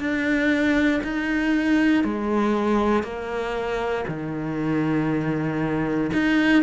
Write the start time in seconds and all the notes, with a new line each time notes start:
0.00 D4
1.04 D#4
2.04 G#3
3.03 A#3
4.08 D#3
6.13 D#4